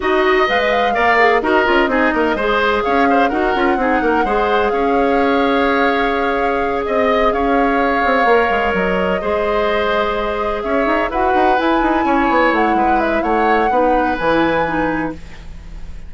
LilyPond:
<<
  \new Staff \with { instrumentName = "flute" } { \time 4/4 \tempo 4 = 127 dis''4 f''16 dis''16 f''4. dis''4~ | dis''2 f''4 fis''4~ | fis''2 f''2~ | f''2~ f''8 dis''4 f''8~ |
f''2~ f''8 dis''4.~ | dis''2~ dis''8 e''4 fis''8~ | fis''8 gis''2 fis''4 e''8 | fis''2 gis''2 | }
  \new Staff \with { instrumentName = "oboe" } { \time 4/4 dis''2 d''4 ais'4 | gis'8 ais'8 c''4 cis''8 c''8 ais'4 | gis'8 ais'8 c''4 cis''2~ | cis''2~ cis''8 dis''4 cis''8~ |
cis''2.~ cis''8 c''8~ | c''2~ c''8 cis''4 b'8~ | b'4. cis''4. b'4 | cis''4 b'2. | }
  \new Staff \with { instrumentName = "clarinet" } { \time 4/4 fis'4 b'4 ais'8 gis'8 fis'8 f'8 | dis'4 gis'2 fis'8 f'8 | dis'4 gis'2.~ | gis'1~ |
gis'4. ais'2 gis'8~ | gis'2.~ gis'8 fis'8~ | fis'8 e'2.~ e'8~ | e'4 dis'4 e'4 dis'4 | }
  \new Staff \with { instrumentName = "bassoon" } { \time 4/4 dis'4 gis4 ais4 dis'8 cis'8 | c'8 ais8 gis4 cis'4 dis'8 cis'8 | c'8 ais8 gis4 cis'2~ | cis'2~ cis'8 c'4 cis'8~ |
cis'4 c'8 ais8 gis8 fis4 gis8~ | gis2~ gis8 cis'8 dis'8 e'8 | dis'8 e'8 dis'8 cis'8 b8 a8 gis4 | a4 b4 e2 | }
>>